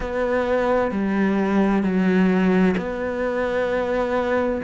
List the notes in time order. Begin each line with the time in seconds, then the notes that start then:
0.00 B3
0.91 G3
1.83 F#3
2.77 B3